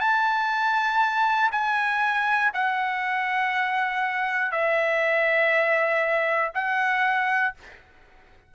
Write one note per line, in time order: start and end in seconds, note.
0.00 1.50 A5
1.51 2.51 G#5
2.53 4.52 F#5
4.52 6.52 E5
6.55 7.55 F#5